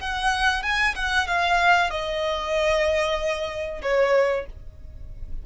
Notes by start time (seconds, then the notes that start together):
0.00 F#5
0.63 G#5
0.95 F#5
1.27 F5
1.90 D#5
3.82 C#5